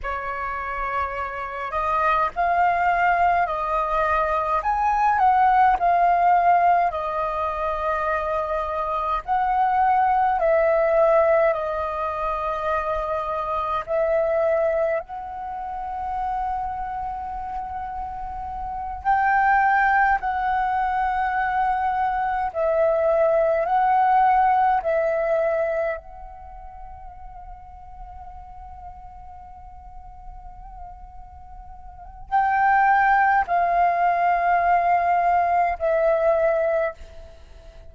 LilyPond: \new Staff \with { instrumentName = "flute" } { \time 4/4 \tempo 4 = 52 cis''4. dis''8 f''4 dis''4 | gis''8 fis''8 f''4 dis''2 | fis''4 e''4 dis''2 | e''4 fis''2.~ |
fis''8 g''4 fis''2 e''8~ | e''8 fis''4 e''4 fis''4.~ | fis''1 | g''4 f''2 e''4 | }